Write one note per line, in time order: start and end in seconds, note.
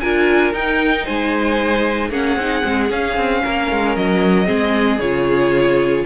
0.00 0.53 D4
0.00 0.54 F4
0.00 1.04 A#4
0.00 0.53 G#5
0.53 1.06 D#4
0.53 2.12 D#4
0.53 1.05 G5
1.04 2.10 G#3
1.04 2.09 C5
1.04 2.11 G#5
2.10 2.36 A#3
2.10 2.38 C#4
2.10 3.42 G#4
2.10 2.91 F#5
2.36 2.62 C4
2.36 2.62 D#4
2.62 2.90 G#3
2.62 2.88 C4
2.90 3.16 C#4
2.90 4.46 C#4
2.90 3.96 F5
3.16 3.43 C4
3.44 3.71 A#3
3.44 4.46 A#4
3.71 3.96 G#3
3.96 4.49 F#3
3.96 5.00 D#5
4.46 4.99 G#3
4.46 4.98 C4
4.46 6.04 G#4
4.99 6.04 C#3
4.99 6.06 F4
4.99 6.05 C#5